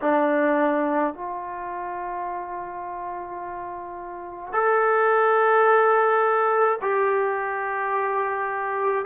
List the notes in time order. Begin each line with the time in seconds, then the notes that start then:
0.01 D4
1.14 F4
4.52 A4
6.81 G4